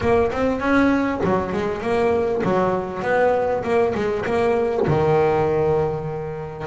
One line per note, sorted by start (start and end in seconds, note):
0.00 0.31 A#3
0.31 0.60 C4
0.60 1.20 C#4
1.23 1.52 F#3
1.52 1.81 G#3
1.81 2.42 A#3
2.44 3.02 F#3
3.02 3.63 B3
3.63 3.93 A#3
3.94 4.25 G#3
4.25 4.86 A#3
4.87 6.67 D#3